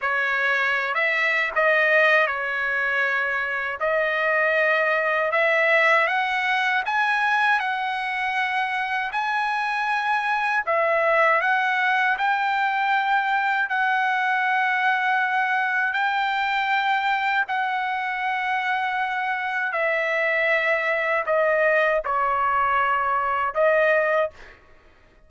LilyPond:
\new Staff \with { instrumentName = "trumpet" } { \time 4/4 \tempo 4 = 79 cis''4~ cis''16 e''8. dis''4 cis''4~ | cis''4 dis''2 e''4 | fis''4 gis''4 fis''2 | gis''2 e''4 fis''4 |
g''2 fis''2~ | fis''4 g''2 fis''4~ | fis''2 e''2 | dis''4 cis''2 dis''4 | }